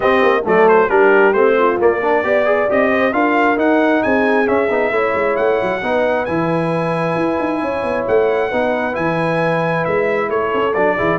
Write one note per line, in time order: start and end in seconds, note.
0.00 0.42 C4
0.00 0.22 C4
0.00 0.43 G4
0.00 0.44 D#5
0.22 0.44 A#3
0.44 0.89 F#3
0.44 0.89 A3
0.44 0.88 A4
0.44 0.68 D5
0.68 0.89 C5
0.88 1.33 G3
0.88 1.33 D4
0.88 1.55 G4
0.88 1.33 A#4
1.33 1.78 A3
1.33 1.79 C4
1.33 1.77 C5
1.58 1.99 F4
1.79 2.01 A#3
1.79 2.24 A#3
1.79 2.70 D5
1.99 2.23 D4
1.99 2.21 A#4
2.23 2.68 B3
2.23 2.45 G4
2.23 2.90 D5
2.45 2.67 G#4
2.69 3.12 C4
2.69 3.13 G4
2.69 3.13 D#5
2.90 3.13 C5
3.12 3.56 D4
3.12 3.56 F4
3.12 4.03 A#4
3.12 3.58 F5
3.56 4.01 D#4
3.56 4.46 D#4
3.56 4.02 F#5
4.02 4.48 C4
4.02 4.92 G#4
4.02 4.47 G#5
4.46 4.68 C#4
4.46 4.69 C#4
4.46 5.36 E5
4.69 4.90 B3
4.69 4.92 D#4
4.90 5.13 A3
4.90 5.81 E4
4.90 5.81 C#5
5.14 5.36 G#3
5.36 5.60 A3
5.36 6.25 F#5
5.62 5.82 F#3
5.82 6.27 B3
5.82 6.27 D#4
5.82 7.61 B4
6.25 7.15 E3
6.25 8.51 E4
6.25 8.04 G#5
7.15 7.37 E4
7.39 7.62 D#4
7.61 7.83 C#4
7.61 8.48 C#5
7.83 8.05 B3
8.07 8.52 A3
8.07 8.95 F#5
8.48 8.96 B3
8.48 8.92 D#4
8.48 10.27 B4
8.92 9.86 E3
8.92 10.71 E4
8.92 9.84 G#5
9.84 10.29 G#3
9.84 10.29 E5
10.29 10.52 A3
10.29 10.96 A4
10.29 10.73 C#5
10.54 10.75 C#4
10.73 10.97 F#3
10.73 10.97 D4
10.73 11.18 D5
10.96 11.18 E3
10.96 11.18 E4
10.96 11.18 G#4